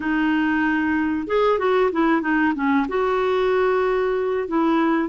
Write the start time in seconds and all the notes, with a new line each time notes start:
0.00 D#4
1.27 G#4
1.58 F#4
1.91 E4
2.21 D#4
2.54 C#4
2.88 F#4
4.47 E4